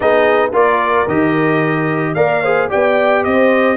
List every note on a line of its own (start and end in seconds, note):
0.00 0.52 B3
0.00 0.52 D#4
0.00 0.52 G#4
0.00 0.52 D#5
0.52 1.06 A#3
0.52 1.07 F4
0.52 2.15 A#4
0.52 1.08 D5
1.07 2.15 D#3
1.07 2.16 G4
1.07 2.14 D#5
2.14 2.69 A#3
2.14 2.43 A#4
2.14 2.42 D5
2.14 2.68 F5
2.42 2.69 G#4
2.42 2.69 C5
2.69 3.25 B3
2.69 3.76 G4
2.69 3.23 D5
2.69 3.24 G5
3.24 3.76 C4
3.24 3.76 C5
3.24 3.76 D#5